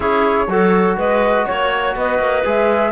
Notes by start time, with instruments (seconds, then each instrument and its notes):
0.00 cello C#4, trombone E4, clarinet G#4, flute C#5
0.47 cello F#3, trombone F#4, clarinet A4
0.97 cello G#3, clarinet B4, flute D#5
1.45 cello A#3, flute C#5, clarinet C#5
1.95 cello B3, clarinet B4, flute D#5
2.19 cello A#3
2.44 cello G#3, trombone G#4, flute E5